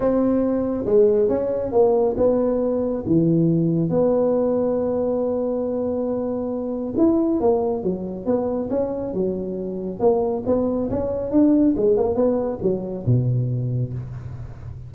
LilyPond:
\new Staff \with { instrumentName = "tuba" } { \time 4/4 \tempo 4 = 138 c'2 gis4 cis'4 | ais4 b2 e4~ | e4 b2.~ | b1 |
e'4 ais4 fis4 b4 | cis'4 fis2 ais4 | b4 cis'4 d'4 gis8 ais8 | b4 fis4 b,2 | }